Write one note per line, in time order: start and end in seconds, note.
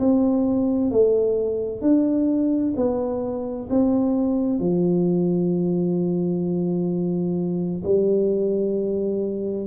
0.00 0.91 C4
0.91 1.82 A3
1.82 2.74 D4
2.77 3.69 B3
3.70 4.60 C4
4.60 7.83 F3
7.85 9.68 G3